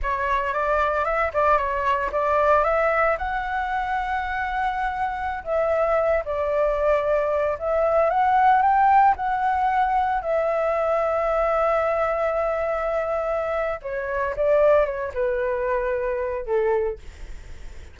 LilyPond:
\new Staff \with { instrumentName = "flute" } { \time 4/4 \tempo 4 = 113 cis''4 d''4 e''8 d''8 cis''4 | d''4 e''4 fis''2~ | fis''2~ fis''16 e''4. d''16~ | d''2~ d''16 e''4 fis''8.~ |
fis''16 g''4 fis''2 e''8.~ | e''1~ | e''2 cis''4 d''4 | cis''8 b'2~ b'8 a'4 | }